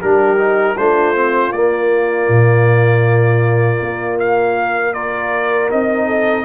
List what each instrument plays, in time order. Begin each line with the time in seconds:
0.00 tuba G3, trombone D4, horn G4, trumpet A#4
0.38 trombone D#4
0.77 tuba A3, trombone D4, horn F4, trumpet C5
1.15 trombone C4
1.52 tuba A#3, trombone A#3, trumpet D5
2.29 tuba A#2
3.81 tuba A#3
4.20 trumpet F5
4.94 trombone F4, horn A#4, trumpet D5
5.70 tuba C4, trombone D#4, trumpet D#5
6.07 horn A4